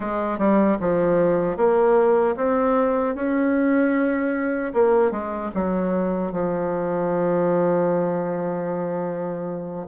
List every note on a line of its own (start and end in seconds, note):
0.00 0.38 G#3
0.38 0.77 G3
0.80 1.56 F3
1.56 2.35 A#3
2.36 3.15 C4
3.15 4.73 C#4
4.73 5.11 A#3
5.11 5.50 G#3
5.54 6.32 F#3
6.32 9.87 F3